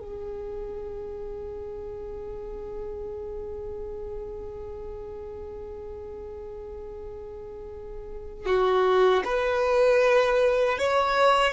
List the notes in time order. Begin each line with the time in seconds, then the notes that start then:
0.00 G#4
8.47 F#4
9.25 B4
10.79 C#5